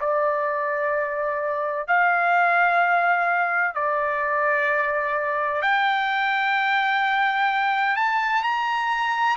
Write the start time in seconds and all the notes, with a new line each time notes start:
0.00 D5
1.87 F5
3.75 D5
5.62 G5
7.96 A5
8.43 A#5